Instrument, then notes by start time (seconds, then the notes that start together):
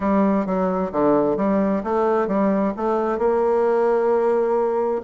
bassoon
0.00 G3
0.45 F#3
0.92 D3
1.37 G3
1.83 A3
2.27 G3
2.76 A3
3.18 A#3